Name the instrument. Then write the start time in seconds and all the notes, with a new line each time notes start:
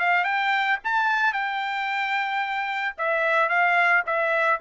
trumpet
0.00 F5
0.25 G5
0.85 A5
1.33 G5
2.98 E5
3.49 F5
4.07 E5